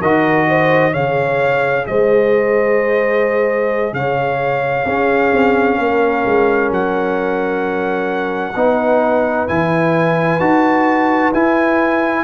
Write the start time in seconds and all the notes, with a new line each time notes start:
0.00 D#3 F#4 A#4 D#5
0.49 C5
0.92 C#3 G#4 C#5 F5
1.87 G#3 C5 D#5
3.93 C#3 C#5 F5
4.84 C#4 G#4
5.33 C4
5.78 A#3 A#4
6.25 G#3
6.70 F#3 F#5
8.55 B3 D#4 B4
9.48 E3 E4 G#5
10.40 D#4 F#4 A5
11.33 E4 G#5